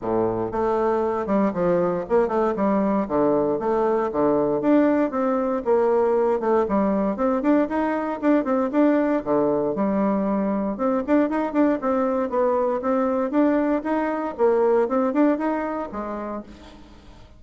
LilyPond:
\new Staff \with { instrumentName = "bassoon" } { \time 4/4 \tempo 4 = 117 a,4 a4. g8 f4 | ais8 a8 g4 d4 a4 | d4 d'4 c'4 ais4~ | ais8 a8 g4 c'8 d'8 dis'4 |
d'8 c'8 d'4 d4 g4~ | g4 c'8 d'8 dis'8 d'8 c'4 | b4 c'4 d'4 dis'4 | ais4 c'8 d'8 dis'4 gis4 | }